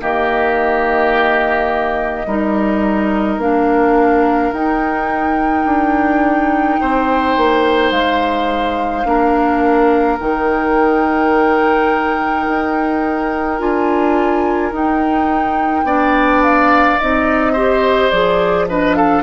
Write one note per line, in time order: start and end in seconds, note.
0.00 2.26 D#3
0.00 2.26 A#3
0.00 2.27 G4
0.00 3.40 D#5
2.26 3.37 G3
2.26 3.40 D#4
2.26 6.79 A#4
3.37 4.50 A#3
3.37 4.54 D4
3.37 4.53 F5
4.52 5.65 D#4
4.52 9.05 D#4
4.52 7.91 G5
5.65 6.78 D4
6.81 7.37 C4
6.81 9.07 C5
7.37 7.91 A#3
7.91 9.04 G#3
7.91 10.18 F5
9.05 10.18 A#3
9.05 10.18 D4
9.05 15.86 A#4
10.19 12.46 D#3
10.19 13.59 D#4
10.19 13.59 G5
12.47 13.60 D#4
13.59 14.72 D4
13.59 14.72 F4
13.59 14.72 G#5
14.72 15.83 D#4
14.72 15.85 D#4
14.72 16.43 G5
15.83 16.96 B3
15.83 16.99 D4
15.83 17.52 D5
16.43 16.99 F5
16.99 18.12 C4
16.99 17.56 D#4
16.99 18.10 D#5
17.52 18.12 G4
17.52 18.66 C5
18.10 19.23 F3
18.10 18.68 G#4
18.10 18.67 D5
18.69 19.23 D4
18.69 18.96 B4
18.69 18.95 D#5
18.95 19.23 A4
18.95 19.23 F5